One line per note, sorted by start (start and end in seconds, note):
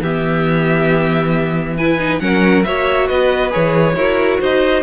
0.00 2.19 E3
0.00 1.78 B3
0.00 1.77 G4
0.00 1.77 E5
1.77 1.98 E4
1.77 2.22 B4
1.77 2.19 G#5
1.98 2.20 D#4
2.19 2.65 F#3
2.19 2.64 C#4
2.19 2.66 A#4
2.19 2.63 F#5
2.64 3.10 A#3
2.64 3.51 F#4
2.64 3.08 C#5
2.64 3.08 E5
3.08 3.54 B3
3.08 3.95 B4
3.08 3.52 D#5
3.51 3.96 E3
3.51 3.94 G#4
3.51 4.40 C#5
3.96 4.39 E4
3.96 4.83 F#4
3.96 4.40 A#4
4.40 4.83 D#4
4.40 4.83 C5
4.40 4.83 D#5